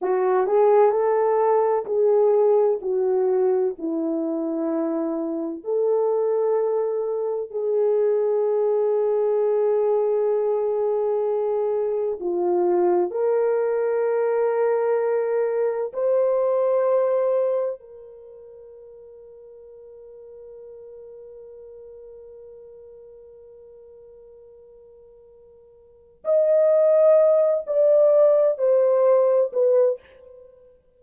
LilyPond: \new Staff \with { instrumentName = "horn" } { \time 4/4 \tempo 4 = 64 fis'8 gis'8 a'4 gis'4 fis'4 | e'2 a'2 | gis'1~ | gis'4 f'4 ais'2~ |
ais'4 c''2 ais'4~ | ais'1~ | ais'1 | dis''4. d''4 c''4 b'8 | }